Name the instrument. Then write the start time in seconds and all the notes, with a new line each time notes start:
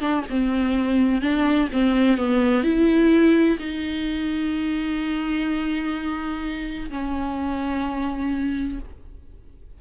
viola
0.00 D4
0.29 C4
1.21 D4
1.72 C4
2.17 B3
2.63 E4
3.59 D#4
6.90 C#4